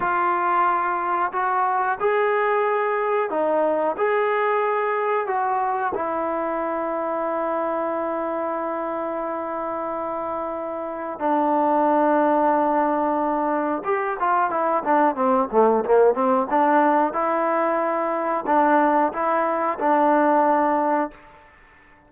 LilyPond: \new Staff \with { instrumentName = "trombone" } { \time 4/4 \tempo 4 = 91 f'2 fis'4 gis'4~ | gis'4 dis'4 gis'2 | fis'4 e'2.~ | e'1~ |
e'4 d'2.~ | d'4 g'8 f'8 e'8 d'8 c'8 a8 | ais8 c'8 d'4 e'2 | d'4 e'4 d'2 | }